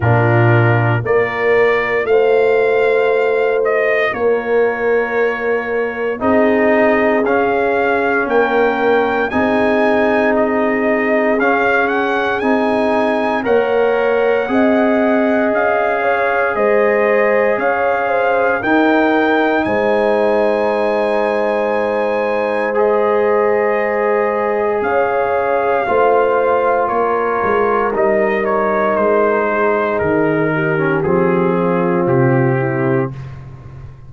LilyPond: <<
  \new Staff \with { instrumentName = "trumpet" } { \time 4/4 \tempo 4 = 58 ais'4 d''4 f''4. dis''8 | cis''2 dis''4 f''4 | g''4 gis''4 dis''4 f''8 fis''8 | gis''4 fis''2 f''4 |
dis''4 f''4 g''4 gis''4~ | gis''2 dis''2 | f''2 cis''4 dis''8 cis''8 | c''4 ais'4 gis'4 g'4 | }
  \new Staff \with { instrumentName = "horn" } { \time 4/4 f'4 ais'4 c''2 | ais'2 gis'2 | ais'4 gis'2.~ | gis'4 cis''4 dis''4. cis''8 |
c''4 cis''8 c''8 ais'4 c''4~ | c''1 | cis''4 c''4 ais'2~ | ais'8 gis'4 g'4 f'4 e'8 | }
  \new Staff \with { instrumentName = "trombone" } { \time 4/4 d'4 f'2.~ | f'2 dis'4 cis'4~ | cis'4 dis'2 cis'4 | dis'4 ais'4 gis'2~ |
gis'2 dis'2~ | dis'2 gis'2~ | gis'4 f'2 dis'4~ | dis'4.~ dis'16 cis'16 c'2 | }
  \new Staff \with { instrumentName = "tuba" } { \time 4/4 ais,4 ais4 a2 | ais2 c'4 cis'4 | ais4 c'2 cis'4 | c'4 ais4 c'4 cis'4 |
gis4 cis'4 dis'4 gis4~ | gis1 | cis'4 a4 ais8 gis8 g4 | gis4 dis4 f4 c4 | }
>>